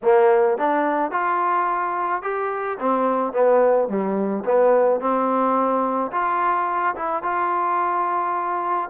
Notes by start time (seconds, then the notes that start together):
0.02 A#3
0.58 D4
1.11 F4
2.22 G4
2.79 C4
3.33 B3
3.88 G3
4.45 B3
5.00 C4
6.11 F4
6.95 E4
7.22 F4